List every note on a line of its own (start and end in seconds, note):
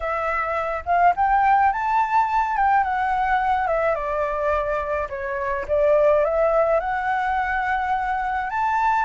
0.00 0.83 E5
0.85 1.14 F5
1.16 1.72 G5
1.72 2.56 A5
2.56 2.83 G5
2.83 3.67 F#5
3.67 3.95 E5
3.95 5.08 D5
5.09 5.65 C#5
5.68 6.24 D5
6.24 6.80 E5
6.80 8.49 F#5
8.50 9.05 A5